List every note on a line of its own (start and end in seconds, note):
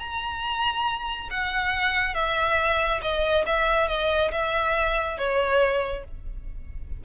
0.00 1.29 A#5
1.31 2.15 F#5
2.15 3.01 E5
3.02 3.45 D#5
3.46 3.88 E5
3.88 4.31 D#5
4.32 5.18 E5
5.19 6.05 C#5